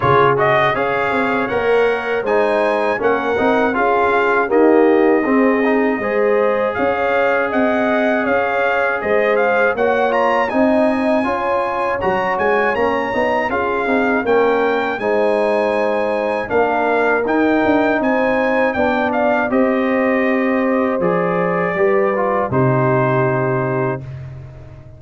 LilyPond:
<<
  \new Staff \with { instrumentName = "trumpet" } { \time 4/4 \tempo 4 = 80 cis''8 dis''8 f''4 fis''4 gis''4 | fis''4 f''4 dis''2~ | dis''4 f''4 fis''4 f''4 | dis''8 f''8 fis''8 ais''8 gis''2 |
ais''8 gis''8 ais''4 f''4 g''4 | gis''2 f''4 g''4 | gis''4 g''8 f''8 dis''2 | d''2 c''2 | }
  \new Staff \with { instrumentName = "horn" } { \time 4/4 gis'4 cis''2 c''4 | ais'4 gis'4 g'4 gis'4 | c''4 cis''4 dis''4 cis''4 | c''4 cis''4 dis''4 cis''4~ |
cis''2 gis'4 ais'4 | c''2 ais'2 | c''4 d''4 c''2~ | c''4 b'4 g'2 | }
  \new Staff \with { instrumentName = "trombone" } { \time 4/4 f'8 fis'8 gis'4 ais'4 dis'4 | cis'8 dis'8 f'4 ais4 c'8 dis'8 | gis'1~ | gis'4 fis'8 f'8 dis'4 f'4 |
fis'4 cis'8 dis'8 f'8 dis'8 cis'4 | dis'2 d'4 dis'4~ | dis'4 d'4 g'2 | gis'4 g'8 f'8 dis'2 | }
  \new Staff \with { instrumentName = "tuba" } { \time 4/4 cis4 cis'8 c'8 ais4 gis4 | ais8 c'8 cis'4 dis'4 c'4 | gis4 cis'4 c'4 cis'4 | gis4 ais4 c'4 cis'4 |
fis8 gis8 ais8 b8 cis'8 c'8 ais4 | gis2 ais4 dis'8 d'8 | c'4 b4 c'2 | f4 g4 c2 | }
>>